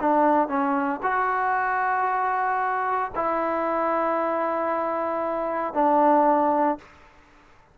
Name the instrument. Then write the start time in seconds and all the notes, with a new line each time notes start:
trombone
0.00 D4
0.48 C#4
1.02 F#4
3.15 E4
5.74 D4